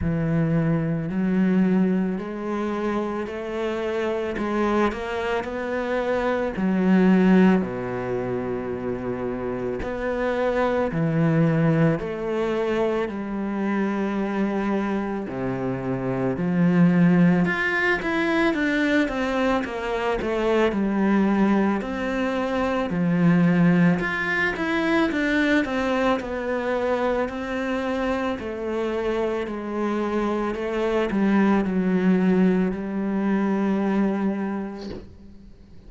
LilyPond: \new Staff \with { instrumentName = "cello" } { \time 4/4 \tempo 4 = 55 e4 fis4 gis4 a4 | gis8 ais8 b4 fis4 b,4~ | b,4 b4 e4 a4 | g2 c4 f4 |
f'8 e'8 d'8 c'8 ais8 a8 g4 | c'4 f4 f'8 e'8 d'8 c'8 | b4 c'4 a4 gis4 | a8 g8 fis4 g2 | }